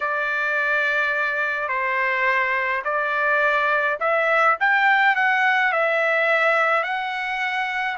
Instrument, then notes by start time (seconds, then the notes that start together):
trumpet
0.00 D5
1.68 C5
2.84 D5
3.99 E5
4.59 G5
5.15 F#5
5.72 E5
6.83 F#5